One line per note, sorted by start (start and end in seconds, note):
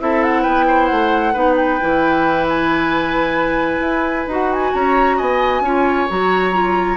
0.00 0.46 C4
0.00 1.34 E4
0.00 0.42 A4
0.00 0.23 E5
0.23 0.43 F#5
0.42 0.91 B3
0.42 0.65 B4
0.42 0.87 G5
0.68 1.34 C5
0.87 1.35 A3
0.87 1.54 F#5
1.34 1.80 B3
1.34 1.79 D#4
1.34 4.72 B4
1.56 2.46 G5
1.81 3.80 E3
1.81 4.29 E4
2.49 4.30 G#5
3.80 4.25 E4
4.28 4.73 D#4
4.28 5.65 F#4
4.28 4.53 F#5
4.53 4.75 G#5
4.75 5.20 C#4
4.75 5.17 C#5
4.75 5.19 A#5
5.17 5.61 B3
5.17 5.62 D#5
5.17 6.09 G#5
5.61 6.06 C#4
5.61 6.09 F4
5.61 6.97 C#5
6.09 6.97 F#3
6.09 6.53 F#4
6.09 6.97 A#5
6.53 6.97 F4